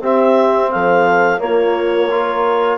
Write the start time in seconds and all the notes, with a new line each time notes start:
0.00 C4 G4 E5
0.71 F3 A4 F5
1.38 A#3 F4 C#5
2.10 F4 A#4